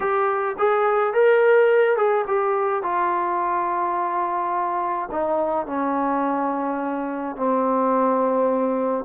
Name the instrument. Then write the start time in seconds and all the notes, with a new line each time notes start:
trombone
0.00 G4
0.58 G#4
1.13 A#4
1.97 G#4
2.27 G4
2.83 F4
5.11 D#4
5.66 C#4
7.36 C4